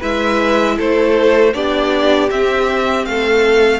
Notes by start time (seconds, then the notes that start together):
0.00 G#3 E4 B4 E5
0.78 A3 A4 C5
1.54 B3 D4 G4 D5
2.29 C4 E5
3.06 A3 A4 F5